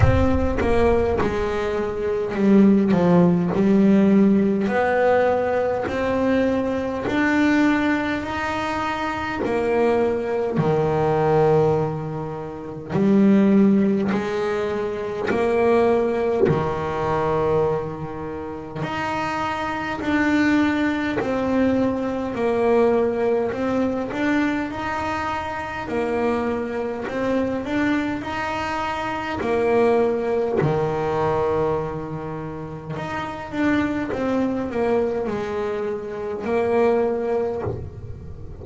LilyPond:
\new Staff \with { instrumentName = "double bass" } { \time 4/4 \tempo 4 = 51 c'8 ais8 gis4 g8 f8 g4 | b4 c'4 d'4 dis'4 | ais4 dis2 g4 | gis4 ais4 dis2 |
dis'4 d'4 c'4 ais4 | c'8 d'8 dis'4 ais4 c'8 d'8 | dis'4 ais4 dis2 | dis'8 d'8 c'8 ais8 gis4 ais4 | }